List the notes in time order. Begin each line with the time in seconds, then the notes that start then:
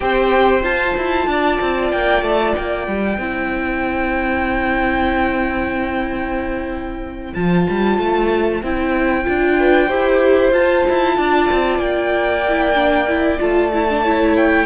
0.00 C4 G4 C5 G5
0.61 F4 A5
0.97 E4
1.27 D4 D5
1.60 C4
1.91 A#3 G5
2.21 A3 A5
2.55 A#3 G5
2.87 G3
3.18 C4 E4 C5
7.33 F3 F4 A5
7.69 G3
7.98 A3
8.62 C4 E4 G5
9.24 D4 F4
9.59 B4
9.87 E4 G4 C5
10.51 F4 A5
10.89 E4
11.17 D4 D5
11.51 C4
11.78 A#3 G5
12.48 E4
12.74 D4
13.08 E4
13.39 A3 F4 A5
13.73 E4
13.89 D4
14.02 E4 C#5
14.36 G5